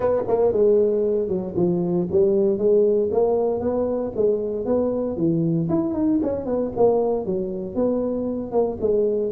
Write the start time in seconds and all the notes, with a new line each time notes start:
0.00 B3
0.27 A#3
0.52 G#3
1.28 F#3
1.55 F3
2.11 G3
2.57 G#3
3.11 A#3
3.60 B3
4.16 G#3
4.65 B3
5.16 E3
5.69 E4
5.93 D#4
6.22 C#4
6.45 B3
6.76 A#3
7.25 F#3
7.75 B3
8.51 A#3
8.80 G#3